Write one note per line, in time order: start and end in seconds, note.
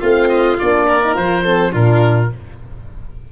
0.00 0.59 A3
0.00 0.58 C4
0.00 0.87 F4
0.00 0.29 F5
0.29 0.57 D#5
0.59 1.17 A#3
0.59 1.03 D4
0.59 1.16 D5
0.87 1.44 A#4
1.03 1.15 D#4
1.15 1.74 F3
1.15 1.43 F4
1.15 1.73 C5
1.44 1.72 C4
1.44 1.72 A4
1.72 2.32 A#2
1.72 2.29 D4
1.72 2.30 F4
1.72 2.32 A#4